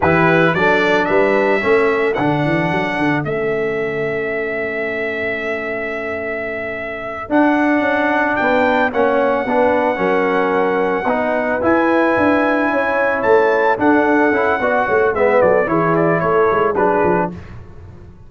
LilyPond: <<
  \new Staff \with { instrumentName = "trumpet" } { \time 4/4 \tempo 4 = 111 b'4 d''4 e''2 | fis''2 e''2~ | e''1~ | e''4. fis''2 g''8~ |
g''8 fis''2.~ fis''8~ | fis''4. gis''2~ gis''8~ | gis''8 a''4 fis''2~ fis''8 | e''8 d''8 cis''8 d''8 cis''4 b'4 | }
  \new Staff \with { instrumentName = "horn" } { \time 4/4 g'4 a'4 b'4 a'4~ | a'1~ | a'1~ | a'2.~ a'8 b'8~ |
b'8 cis''4 b'4 ais'4.~ | ais'8 b'2. cis''8~ | cis''4. a'4. d''8 cis''8 | b'8 a'8 gis'4 a'4 gis'4 | }
  \new Staff \with { instrumentName = "trombone" } { \time 4/4 e'4 d'2 cis'4 | d'2 cis'2~ | cis'1~ | cis'4. d'2~ d'8~ |
d'8 cis'4 d'4 cis'4.~ | cis'8 dis'4 e'2~ e'8~ | e'4. d'4 e'8 fis'4 | b4 e'2 d'4 | }
  \new Staff \with { instrumentName = "tuba" } { \time 4/4 e4 fis4 g4 a4 | d8 e8 fis8 d8 a2~ | a1~ | a4. d'4 cis'4 b8~ |
b8 ais4 b4 fis4.~ | fis8 b4 e'4 d'4 cis'8~ | cis'8 a4 d'4 cis'8 b8 a8 | gis8 fis8 e4 a8 gis8 fis8 f8 | }
>>